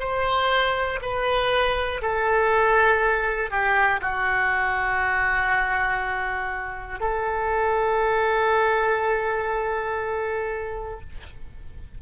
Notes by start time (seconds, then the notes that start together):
0.00 C5
1.01 B4
2.01 A4
3.50 G4
4.01 F#4
7.00 A4